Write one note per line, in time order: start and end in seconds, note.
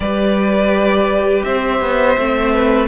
0.00 1.42 G3
0.00 2.18 G4
0.00 1.45 B4
0.00 1.43 D5
1.43 1.80 C4
1.43 2.52 C5
1.43 2.87 E5
1.80 2.17 B3
2.17 2.88 A3
2.17 2.88 C4
2.52 2.88 B4